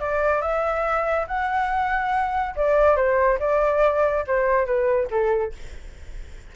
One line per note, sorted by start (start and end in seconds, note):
0.00 0.41 D5
0.41 1.26 E5
1.27 2.55 F#5
2.56 2.96 D5
2.96 3.39 C5
3.39 4.25 D5
4.27 4.66 C5
4.66 5.09 B4
5.11 5.53 A4